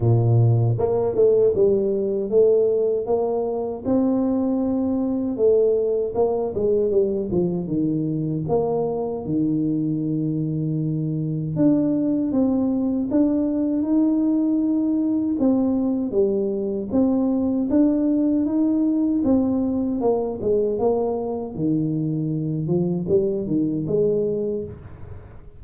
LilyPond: \new Staff \with { instrumentName = "tuba" } { \time 4/4 \tempo 4 = 78 ais,4 ais8 a8 g4 a4 | ais4 c'2 a4 | ais8 gis8 g8 f8 dis4 ais4 | dis2. d'4 |
c'4 d'4 dis'2 | c'4 g4 c'4 d'4 | dis'4 c'4 ais8 gis8 ais4 | dis4. f8 g8 dis8 gis4 | }